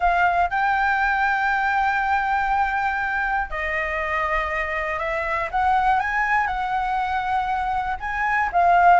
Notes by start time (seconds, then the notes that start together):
0.00 F5
0.50 G5
3.50 D#5
4.99 E5
5.51 F#5
6.00 G#5
6.46 F#5
8.00 G#5
8.52 F5